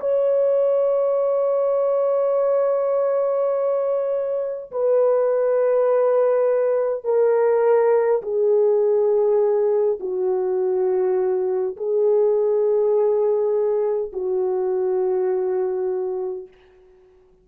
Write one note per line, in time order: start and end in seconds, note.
0.00 4.71 C#5
4.71 7.04 B4
7.04 8.22 A#4
8.22 9.99 G#4
9.99 11.76 F#4
11.76 14.12 G#4
14.12 16.48 F#4